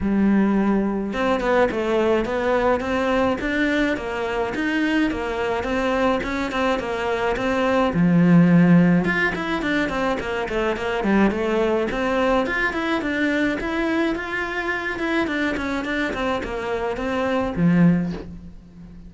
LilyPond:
\new Staff \with { instrumentName = "cello" } { \time 4/4 \tempo 4 = 106 g2 c'8 b8 a4 | b4 c'4 d'4 ais4 | dis'4 ais4 c'4 cis'8 c'8 | ais4 c'4 f2 |
f'8 e'8 d'8 c'8 ais8 a8 ais8 g8 | a4 c'4 f'8 e'8 d'4 | e'4 f'4. e'8 d'8 cis'8 | d'8 c'8 ais4 c'4 f4 | }